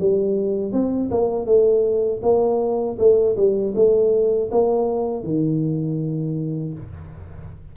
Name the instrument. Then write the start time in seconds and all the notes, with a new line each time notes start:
tuba
0.00 G3
0.72 C4
1.11 A#3
1.46 A3
2.23 A#3
2.99 A3
3.36 G3
3.75 A3
4.51 A#3
5.24 D#3